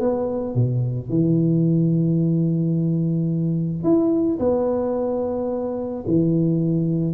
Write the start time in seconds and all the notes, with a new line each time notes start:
0.00 B3
0.55 B2
1.09 E3
3.83 E4
4.39 B3
6.07 E3